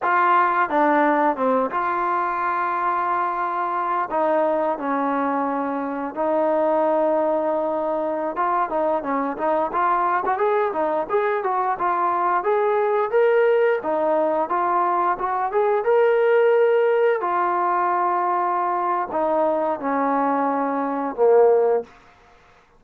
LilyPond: \new Staff \with { instrumentName = "trombone" } { \time 4/4 \tempo 4 = 88 f'4 d'4 c'8 f'4.~ | f'2 dis'4 cis'4~ | cis'4 dis'2.~ | dis'16 f'8 dis'8 cis'8 dis'8 f'8. fis'16 gis'8 dis'16~ |
dis'16 gis'8 fis'8 f'4 gis'4 ais'8.~ | ais'16 dis'4 f'4 fis'8 gis'8 ais'8.~ | ais'4~ ais'16 f'2~ f'8. | dis'4 cis'2 ais4 | }